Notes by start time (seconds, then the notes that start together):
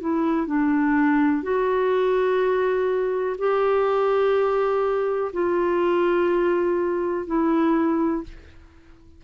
0.00 E4
0.47 D4
1.43 F#4
3.38 G4
5.33 F4
7.27 E4